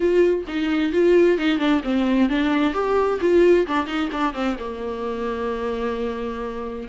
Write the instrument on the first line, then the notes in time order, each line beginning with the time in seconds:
viola
0.00 F4
0.47 D#4
0.92 F4
1.37 D#4
1.58 D4
1.83 C4
2.29 D4
2.73 G4
3.20 F4
3.66 D4
3.86 D#4
4.12 D4
4.33 C4
4.58 A#3